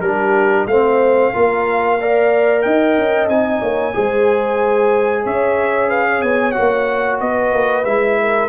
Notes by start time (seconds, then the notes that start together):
0.00 G3 D4 G4 A#4
0.66 A3 C4 C5 F5
1.33 A#3 F4 A#4
2.00 A#4 D5
2.62 D#4 D#5 G5
2.97 C#4
3.28 C4 D#4 G#5
3.61 A#3 C#5
3.93 G#3 G#4 C5
5.23 C#4 C#5 E5
5.89 B4 F5
6.09 C#5
6.21 B3 G#5
6.51 F#4 F#5
6.58 A#3
7.20 B3 B4 D#5
7.52 A#3
7.84 G#3 E4 E5
8.21 A#4